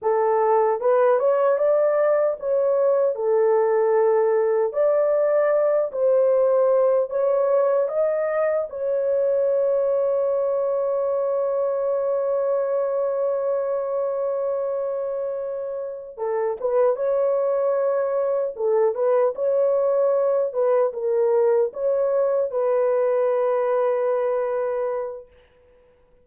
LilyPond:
\new Staff \with { instrumentName = "horn" } { \time 4/4 \tempo 4 = 76 a'4 b'8 cis''8 d''4 cis''4 | a'2 d''4. c''8~ | c''4 cis''4 dis''4 cis''4~ | cis''1~ |
cis''1~ | cis''8 a'8 b'8 cis''2 a'8 | b'8 cis''4. b'8 ais'4 cis''8~ | cis''8 b'2.~ b'8 | }